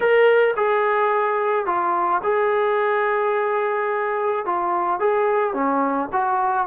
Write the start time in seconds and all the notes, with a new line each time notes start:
0.00 A#4
0.56 G#4
1.65 F4
2.23 G#4
4.45 F4
4.99 G#4
5.53 C#4
6.12 F#4